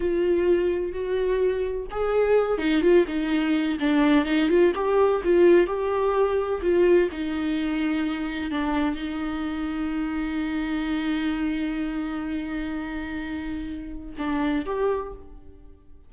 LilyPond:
\new Staff \with { instrumentName = "viola" } { \time 4/4 \tempo 4 = 127 f'2 fis'2 | gis'4. dis'8 f'8 dis'4. | d'4 dis'8 f'8 g'4 f'4 | g'2 f'4 dis'4~ |
dis'2 d'4 dis'4~ | dis'1~ | dis'1~ | dis'2 d'4 g'4 | }